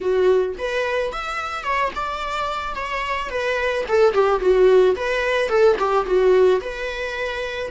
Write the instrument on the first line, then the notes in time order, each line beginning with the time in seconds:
viola
0.00 F#4
0.58 B4
1.12 E5
1.63 C#5
1.95 D5
2.75 C#5
3.29 B4
3.88 A4
4.13 G4
4.40 F#4
4.96 B4
5.48 A4
5.78 G4
6.05 F#4
6.61 B4